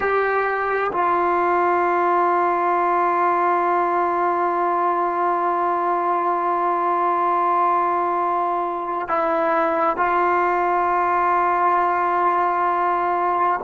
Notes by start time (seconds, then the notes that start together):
0.00 G4
0.92 F4
9.08 E4
9.96 F4